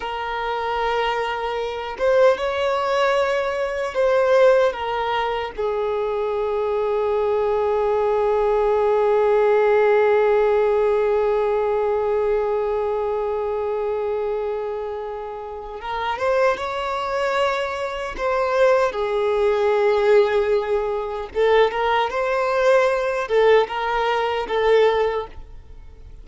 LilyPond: \new Staff \with { instrumentName = "violin" } { \time 4/4 \tempo 4 = 76 ais'2~ ais'8 c''8 cis''4~ | cis''4 c''4 ais'4 gis'4~ | gis'1~ | gis'1~ |
gis'1 | ais'8 c''8 cis''2 c''4 | gis'2. a'8 ais'8 | c''4. a'8 ais'4 a'4 | }